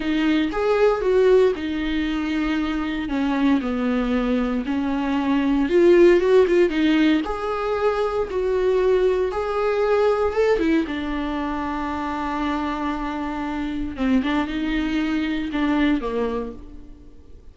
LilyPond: \new Staff \with { instrumentName = "viola" } { \time 4/4 \tempo 4 = 116 dis'4 gis'4 fis'4 dis'4~ | dis'2 cis'4 b4~ | b4 cis'2 f'4 | fis'8 f'8 dis'4 gis'2 |
fis'2 gis'2 | a'8 e'8 d'2.~ | d'2. c'8 d'8 | dis'2 d'4 ais4 | }